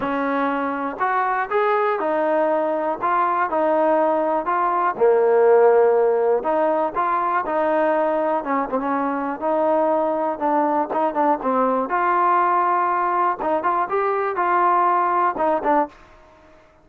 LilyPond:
\new Staff \with { instrumentName = "trombone" } { \time 4/4 \tempo 4 = 121 cis'2 fis'4 gis'4 | dis'2 f'4 dis'4~ | dis'4 f'4 ais2~ | ais4 dis'4 f'4 dis'4~ |
dis'4 cis'8 c'16 cis'4~ cis'16 dis'4~ | dis'4 d'4 dis'8 d'8 c'4 | f'2. dis'8 f'8 | g'4 f'2 dis'8 d'8 | }